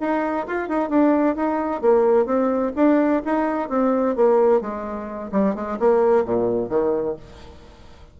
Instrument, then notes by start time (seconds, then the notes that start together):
bassoon
0.00 D#4
0.47 F4
0.68 D#4
0.89 D4
1.36 D#4
1.81 A#3
2.25 C4
2.76 D4
3.25 D#4
3.69 C4
4.15 A#3
4.61 G#3
5.31 G3
5.55 G#3
5.79 A#3
6.25 A#2
6.69 D#3